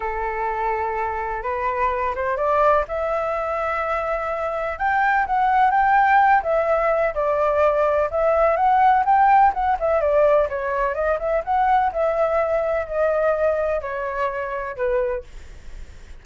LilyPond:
\new Staff \with { instrumentName = "flute" } { \time 4/4 \tempo 4 = 126 a'2. b'4~ | b'8 c''8 d''4 e''2~ | e''2 g''4 fis''4 | g''4. e''4. d''4~ |
d''4 e''4 fis''4 g''4 | fis''8 e''8 d''4 cis''4 dis''8 e''8 | fis''4 e''2 dis''4~ | dis''4 cis''2 b'4 | }